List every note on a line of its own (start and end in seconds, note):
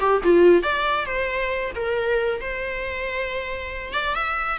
0.00 0.22 G4
0.23 0.63 F4
0.63 1.06 D5
1.06 1.71 C5
1.75 2.40 A#4
2.40 3.93 C5
3.93 4.14 D5
4.14 4.58 E5